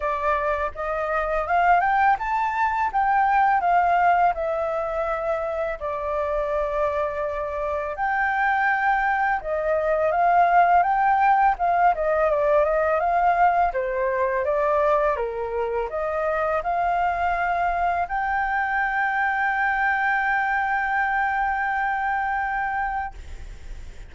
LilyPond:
\new Staff \with { instrumentName = "flute" } { \time 4/4 \tempo 4 = 83 d''4 dis''4 f''8 g''8 a''4 | g''4 f''4 e''2 | d''2. g''4~ | g''4 dis''4 f''4 g''4 |
f''8 dis''8 d''8 dis''8 f''4 c''4 | d''4 ais'4 dis''4 f''4~ | f''4 g''2.~ | g''1 | }